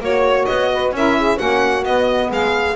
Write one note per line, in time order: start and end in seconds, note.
0.00 0.46 A#3
0.00 0.93 F#4
0.00 0.71 C#5
0.00 0.46 C#5
0.46 0.92 B3
0.46 0.92 D#5
0.73 0.96 B4
0.92 1.38 C#4
0.92 1.37 E4
0.92 1.18 A#4
0.92 1.38 E5
1.18 1.37 G#4
1.37 1.85 A#3
1.37 1.83 C#4
1.37 2.29 F#4
1.37 1.84 F#5
1.84 2.76 B3
1.84 2.30 B3
1.84 2.30 D#5
2.31 2.76 G#3
2.31 2.76 G#4
2.31 2.76 F5